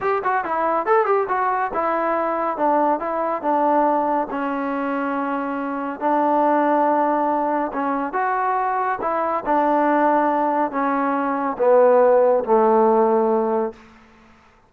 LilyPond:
\new Staff \with { instrumentName = "trombone" } { \time 4/4 \tempo 4 = 140 g'8 fis'8 e'4 a'8 g'8 fis'4 | e'2 d'4 e'4 | d'2 cis'2~ | cis'2 d'2~ |
d'2 cis'4 fis'4~ | fis'4 e'4 d'2~ | d'4 cis'2 b4~ | b4 a2. | }